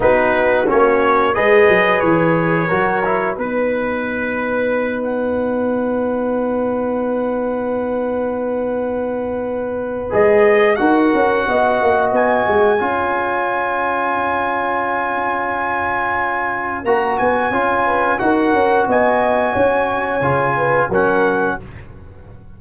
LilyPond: <<
  \new Staff \with { instrumentName = "trumpet" } { \time 4/4 \tempo 4 = 89 b'4 cis''4 dis''4 cis''4~ | cis''4 b'2~ b'8 fis''8~ | fis''1~ | fis''2. dis''4 |
fis''2 gis''2~ | gis''1~ | gis''4 ais''8 gis''4. fis''4 | gis''2. fis''4 | }
  \new Staff \with { instrumentName = "horn" } { \time 4/4 fis'2 b'2 | ais'4 b'2.~ | b'1~ | b'1 |
ais'4 dis''2 cis''4~ | cis''1~ | cis''2~ cis''8 b'8 ais'4 | dis''4 cis''4. b'8 ais'4 | }
  \new Staff \with { instrumentName = "trombone" } { \time 4/4 dis'4 cis'4 gis'2 | fis'8 e'8 dis'2.~ | dis'1~ | dis'2. gis'4 |
fis'2. f'4~ | f'1~ | f'4 fis'4 f'4 fis'4~ | fis'2 f'4 cis'4 | }
  \new Staff \with { instrumentName = "tuba" } { \time 4/4 b4 ais4 gis8 fis8 e4 | fis4 b2.~ | b1~ | b2. gis4 |
dis'8 cis'8 b8 ais8 b8 gis8 cis'4~ | cis'1~ | cis'4 ais8 b8 cis'4 dis'8 cis'8 | b4 cis'4 cis4 fis4 | }
>>